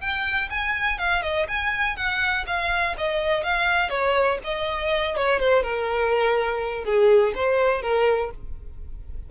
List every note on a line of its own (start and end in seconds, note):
0.00 0.49 G5
0.50 0.98 G#5
0.98 1.22 F5
1.22 1.47 D#5
1.48 1.96 G#5
1.96 2.45 F#5
2.47 2.95 F5
2.97 3.43 D#5
3.43 3.89 F5
3.89 4.38 C#5
4.43 5.16 D#5
5.16 5.39 C#5
5.39 5.62 C5
5.62 6.84 A#4
6.84 7.33 G#4
7.35 7.82 C5
7.82 8.31 A#4